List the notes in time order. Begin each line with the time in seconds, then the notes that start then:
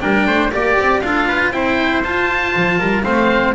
0.00 G3 D4 A#4 G5
0.26 A3 C5
0.52 A#3 G4 D5
0.79 C4
1.01 D4 F4 A4 F5
1.28 B4
1.50 C4 E4 C5 G5
2.04 F4 A5
2.56 F3
2.79 G3 A#4
3.03 A3 C4 C5 F5